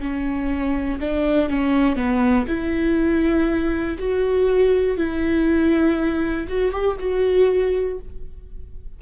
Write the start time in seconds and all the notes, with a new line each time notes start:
0.00 C#4
1.00 D4
1.49 C#4
1.96 B3
2.48 E4
3.99 F#4
4.97 E4
6.49 F#4
6.72 G4
6.99 F#4